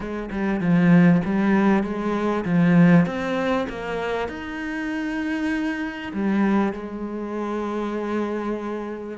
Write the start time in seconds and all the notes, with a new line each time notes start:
0.00 G#3
0.31 G3
0.60 F3
1.24 G3
1.83 G#3
2.45 F3
3.06 C4
3.69 A#3
4.28 D#4
6.13 G3
6.73 G#3